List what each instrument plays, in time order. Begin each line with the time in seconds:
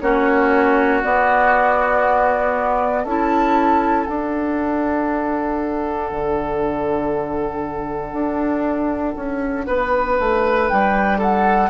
0.00 bassoon A#3, clarinet C#4, oboe F#4, flute C#5
1.02 clarinet B3, bassoon B3, flute D5
3.03 bassoon C#4, clarinet E4, oboe A4, flute A5
4.05 clarinet D4, bassoon D4, flute F#5
6.11 bassoon D3
8.12 bassoon D4
9.16 bassoon C#4
9.66 bassoon B3, oboe B4
10.19 bassoon A3
10.67 bassoon G3, flute G5
11.18 oboe A4, flute F#5